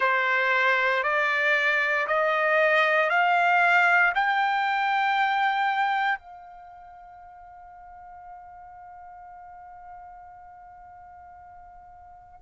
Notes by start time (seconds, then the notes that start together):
0.00 C5
1.03 D5
2.07 D#5
3.09 F5
4.14 G5
6.18 F5